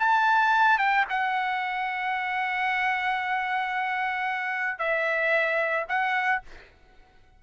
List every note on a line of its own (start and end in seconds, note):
0.00 0.79 A5
0.79 1.05 G5
1.10 4.79 F#5
4.79 5.86 E5
5.89 6.43 F#5